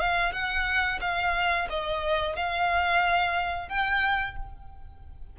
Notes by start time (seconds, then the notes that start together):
0.00 F5
0.33 F#5
1.01 F5
1.70 D#5
2.36 F5
3.69 G5